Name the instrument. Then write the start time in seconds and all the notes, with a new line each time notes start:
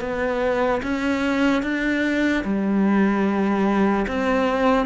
cello
0.00 B3
0.83 C#4
1.62 D4
2.44 G3
4.07 C4